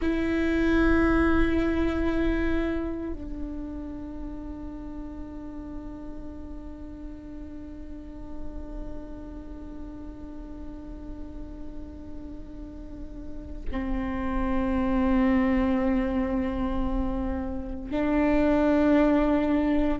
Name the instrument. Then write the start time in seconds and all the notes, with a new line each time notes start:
viola
0.01 E4
3.13 D4
13.71 C4
17.90 D4